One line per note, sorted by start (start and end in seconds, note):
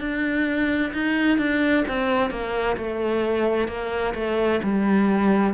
0.00 0.92 D4
0.93 1.38 D#4
1.38 1.84 D4
1.88 2.30 C4
2.30 2.77 A#3
2.77 3.68 A3
3.68 4.14 A#3
4.15 4.61 A3
4.63 5.53 G3